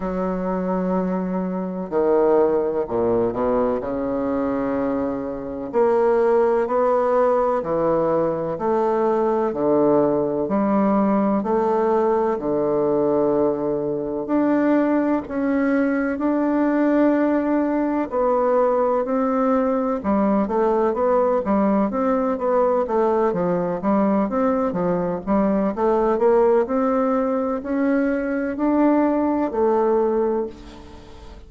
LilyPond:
\new Staff \with { instrumentName = "bassoon" } { \time 4/4 \tempo 4 = 63 fis2 dis4 ais,8 b,8 | cis2 ais4 b4 | e4 a4 d4 g4 | a4 d2 d'4 |
cis'4 d'2 b4 | c'4 g8 a8 b8 g8 c'8 b8 | a8 f8 g8 c'8 f8 g8 a8 ais8 | c'4 cis'4 d'4 a4 | }